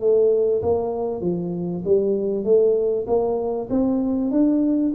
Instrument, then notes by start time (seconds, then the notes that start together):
tuba
0.00 A3
0.62 A#3
1.21 F3
1.84 G3
2.44 A3
3.07 A#3
3.70 C4
4.31 D4